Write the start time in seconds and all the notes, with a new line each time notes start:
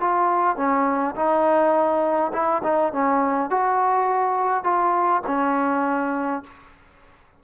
0.00 F4
0.56 C#4
1.15 D#4
2.33 E4
2.63 D#4
2.92 C#4
3.50 F#4
4.63 F4
5.26 C#4